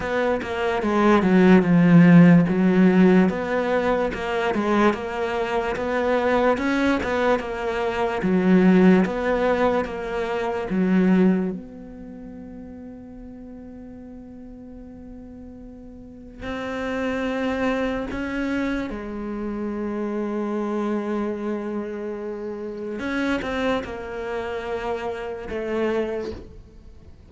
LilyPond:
\new Staff \with { instrumentName = "cello" } { \time 4/4 \tempo 4 = 73 b8 ais8 gis8 fis8 f4 fis4 | b4 ais8 gis8 ais4 b4 | cis'8 b8 ais4 fis4 b4 | ais4 fis4 b2~ |
b1 | c'2 cis'4 gis4~ | gis1 | cis'8 c'8 ais2 a4 | }